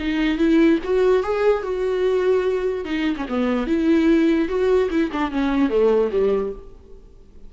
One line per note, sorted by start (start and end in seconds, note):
0.00 0.38 D#4
0.38 0.79 E4
0.84 1.23 F#4
1.23 1.63 G#4
1.63 2.85 F#4
2.85 3.16 D#4
3.17 3.27 C#4
3.29 3.67 B3
3.67 4.49 E4
4.49 4.89 F#4
4.91 5.11 E4
5.12 5.32 D4
5.32 5.70 C#4
5.70 6.11 A3
6.12 6.53 G3